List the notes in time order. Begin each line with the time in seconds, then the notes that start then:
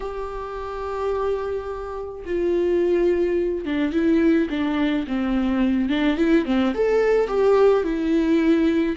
0.00 G4
2.25 F4
3.65 D4
3.92 E4
4.50 D4
5.07 C4
5.89 D4
6.17 E4
6.45 C4
6.74 A4
7.27 G4
7.83 E4